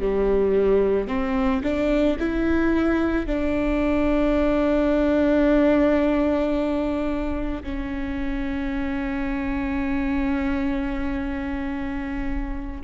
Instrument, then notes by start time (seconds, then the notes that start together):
viola
0.00 G3
1.07 C4
1.63 D4
2.19 E4
3.26 D4
7.63 C#4